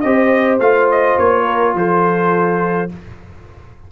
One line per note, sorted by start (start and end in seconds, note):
0.00 0.59 C4
0.00 0.60 G4
0.00 1.44 C5
0.00 0.57 D#5
0.59 1.16 A3
0.59 2.89 F4
0.59 0.88 F5
0.90 1.18 D#5
1.18 1.74 A#3
1.18 1.75 C#5
1.44 1.73 A#4
1.74 2.88 F3
1.74 2.91 A4
1.74 2.91 C5